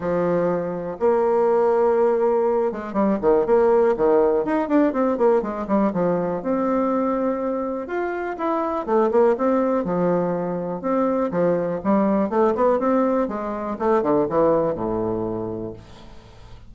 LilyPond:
\new Staff \with { instrumentName = "bassoon" } { \time 4/4 \tempo 4 = 122 f2 ais2~ | ais4. gis8 g8 dis8 ais4 | dis4 dis'8 d'8 c'8 ais8 gis8 g8 | f4 c'2. |
f'4 e'4 a8 ais8 c'4 | f2 c'4 f4 | g4 a8 b8 c'4 gis4 | a8 d8 e4 a,2 | }